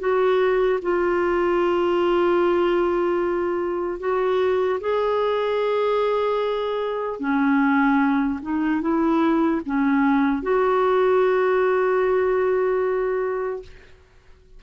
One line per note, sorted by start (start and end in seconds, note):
0.00 0.80 F#4
0.82 4.00 F4
4.00 4.80 F#4
4.80 7.20 G#4
7.20 8.40 C#4
8.42 8.81 D#4
8.81 9.61 E4
9.66 10.43 C#4
10.43 13.63 F#4